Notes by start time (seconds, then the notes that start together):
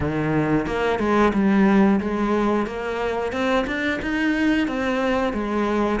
0.00 D#3
0.66 A#3
0.99 G#3
1.33 G3
2.00 G#3
2.66 A#3
3.32 C4
3.66 D4
4.02 D#4
4.67 C4
5.33 G#3